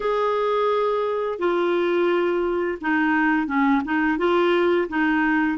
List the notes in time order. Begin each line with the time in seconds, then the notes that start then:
0.00 G#4
1.39 F4
2.81 D#4
3.47 C#4
3.84 D#4
4.18 F4
4.88 D#4